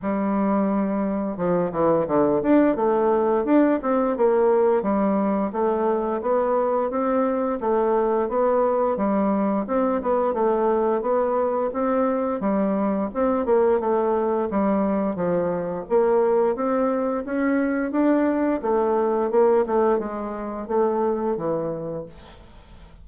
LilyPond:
\new Staff \with { instrumentName = "bassoon" } { \time 4/4 \tempo 4 = 87 g2 f8 e8 d8 d'8 | a4 d'8 c'8 ais4 g4 | a4 b4 c'4 a4 | b4 g4 c'8 b8 a4 |
b4 c'4 g4 c'8 ais8 | a4 g4 f4 ais4 | c'4 cis'4 d'4 a4 | ais8 a8 gis4 a4 e4 | }